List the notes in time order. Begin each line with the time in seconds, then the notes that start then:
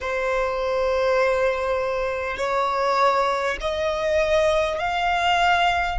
0.01 C5
2.37 C#5
3.61 D#5
4.78 F5